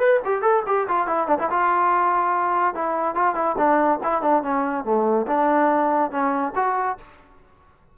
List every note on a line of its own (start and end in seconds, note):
0.00 0.21 B4
0.26 0.42 G4
0.42 0.63 A4
0.67 0.88 G4
0.89 1.08 F4
1.08 1.28 E4
1.28 1.39 D4
1.40 1.50 E4
1.51 2.75 F4
2.75 3.16 E4
3.16 3.35 F4
3.35 3.56 E4
3.58 4.00 D4
4.04 4.22 E4
4.22 4.43 D4
4.43 4.85 C#4
4.85 5.27 A3
5.28 6.11 D4
6.11 6.53 C#4
6.56 6.98 F#4